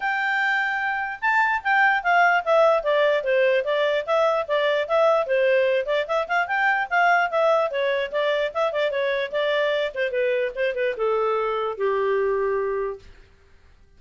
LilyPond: \new Staff \with { instrumentName = "clarinet" } { \time 4/4 \tempo 4 = 148 g''2. a''4 | g''4 f''4 e''4 d''4 | c''4 d''4 e''4 d''4 | e''4 c''4. d''8 e''8 f''8 |
g''4 f''4 e''4 cis''4 | d''4 e''8 d''8 cis''4 d''4~ | d''8 c''8 b'4 c''8 b'8 a'4~ | a'4 g'2. | }